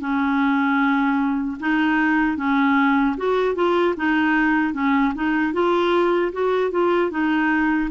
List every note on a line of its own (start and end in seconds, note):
0.00 1.58 C#4
1.60 2.37 D#4
2.37 3.16 C#4
3.17 3.55 F#4
3.55 3.95 F4
3.97 4.74 D#4
4.74 5.13 C#4
5.15 5.53 D#4
5.53 6.32 F4
6.32 6.71 F#4
6.71 7.11 F4
7.11 7.90 D#4